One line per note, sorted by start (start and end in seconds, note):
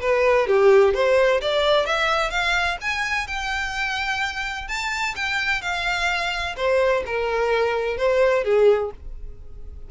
0.00 0.47 B4
0.47 0.94 G4
0.94 1.40 C5
1.41 1.86 D5
1.86 2.30 E5
2.30 2.77 F5
2.81 3.27 G#5
3.27 4.67 G5
4.68 5.15 A5
5.15 5.61 G5
5.61 6.55 F5
6.56 7.03 C5
7.06 7.97 A#4
7.97 8.43 C5
8.43 8.90 G#4